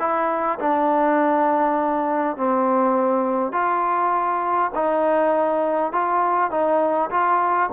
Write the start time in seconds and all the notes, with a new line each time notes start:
0.00 E4
0.60 D4
2.37 C4
3.53 F4
4.76 D#4
5.93 F4
6.51 D#4
7.11 F4